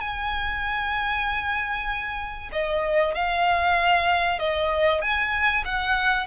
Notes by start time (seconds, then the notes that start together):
0.00 G#5
2.52 D#5
3.14 F5
4.39 D#5
5.01 G#5
5.65 F#5